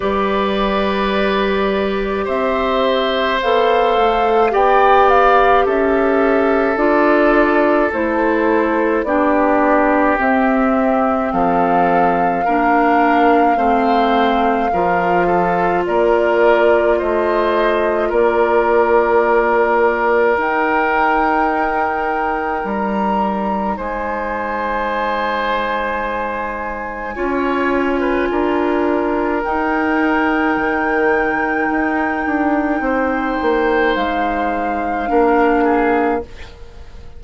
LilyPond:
<<
  \new Staff \with { instrumentName = "flute" } { \time 4/4 \tempo 4 = 53 d''2 e''4 f''4 | g''8 f''8 e''4 d''4 c''4 | d''4 e''4 f''2~ | f''2 d''4 dis''4 |
d''2 g''2 | ais''4 gis''2.~ | gis''2 g''2~ | g''2 f''2 | }
  \new Staff \with { instrumentName = "oboe" } { \time 4/4 b'2 c''2 | d''4 a'2. | g'2 a'4 ais'4 | c''4 ais'8 a'8 ais'4 c''4 |
ais'1~ | ais'4 c''2. | cis''8. b'16 ais'2.~ | ais'4 c''2 ais'8 gis'8 | }
  \new Staff \with { instrumentName = "clarinet" } { \time 4/4 g'2. a'4 | g'2 f'4 e'4 | d'4 c'2 d'4 | c'4 f'2.~ |
f'2 dis'2~ | dis'1 | f'2 dis'2~ | dis'2. d'4 | }
  \new Staff \with { instrumentName = "bassoon" } { \time 4/4 g2 c'4 b8 a8 | b4 cis'4 d'4 a4 | b4 c'4 f4 ais4 | a4 f4 ais4 a4 |
ais2 dis'2 | g4 gis2. | cis'4 d'4 dis'4 dis4 | dis'8 d'8 c'8 ais8 gis4 ais4 | }
>>